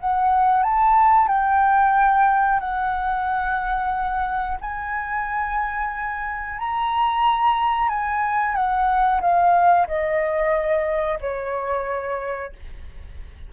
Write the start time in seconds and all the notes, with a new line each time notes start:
0.00 F#5
0.63 A5
1.28 G5
2.60 F#5
4.62 G#5
6.59 A#5
7.89 G#5
8.55 F#5
9.21 F5
9.88 D#5
11.21 C#5